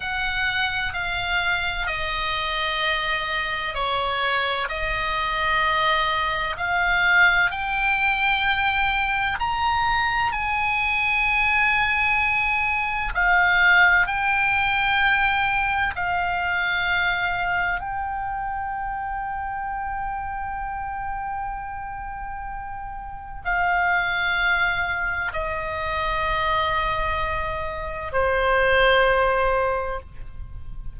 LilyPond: \new Staff \with { instrumentName = "oboe" } { \time 4/4 \tempo 4 = 64 fis''4 f''4 dis''2 | cis''4 dis''2 f''4 | g''2 ais''4 gis''4~ | gis''2 f''4 g''4~ |
g''4 f''2 g''4~ | g''1~ | g''4 f''2 dis''4~ | dis''2 c''2 | }